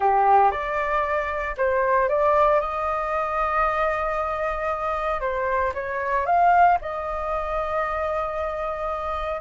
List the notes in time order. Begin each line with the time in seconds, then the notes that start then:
0.00 G4
0.51 D5
1.57 C5
2.08 D5
2.60 D#5
5.20 C5
5.74 C#5
6.26 F5
6.81 D#5